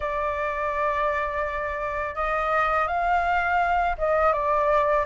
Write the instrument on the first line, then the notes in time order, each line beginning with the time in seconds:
flute
0.00 D5
2.15 D#5
2.87 F5
3.98 D#5
4.32 D5